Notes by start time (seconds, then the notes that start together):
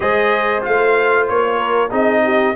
0.00 G#3 G#4 C5 D#5
0.61 A3 F4 F5
1.28 A#3 C#5
1.57 A#4
1.90 C4 D#4 G#4 D#5
2.24 G4